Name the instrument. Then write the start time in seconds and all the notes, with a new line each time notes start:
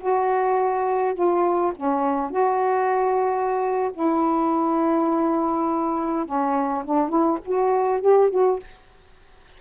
saxophone
0.00 F#4
1.14 F4
1.76 C#4
2.30 F#4
3.93 E4
6.25 C#4
6.84 D4
7.09 E4
7.45 F#4
8.01 G4
8.30 F#4